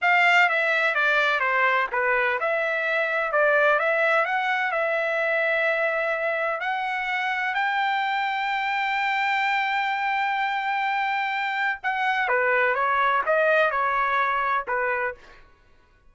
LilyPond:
\new Staff \with { instrumentName = "trumpet" } { \time 4/4 \tempo 4 = 127 f''4 e''4 d''4 c''4 | b'4 e''2 d''4 | e''4 fis''4 e''2~ | e''2 fis''2 |
g''1~ | g''1~ | g''4 fis''4 b'4 cis''4 | dis''4 cis''2 b'4 | }